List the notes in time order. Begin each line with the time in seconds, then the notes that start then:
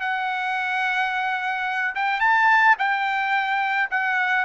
0.00 F#5
1.95 G5
2.20 A5
2.78 G5
3.90 F#5